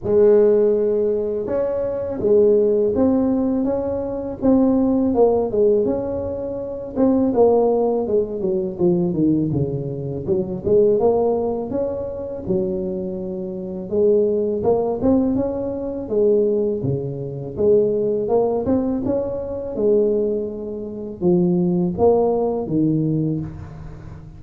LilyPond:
\new Staff \with { instrumentName = "tuba" } { \time 4/4 \tempo 4 = 82 gis2 cis'4 gis4 | c'4 cis'4 c'4 ais8 gis8 | cis'4. c'8 ais4 gis8 fis8 | f8 dis8 cis4 fis8 gis8 ais4 |
cis'4 fis2 gis4 | ais8 c'8 cis'4 gis4 cis4 | gis4 ais8 c'8 cis'4 gis4~ | gis4 f4 ais4 dis4 | }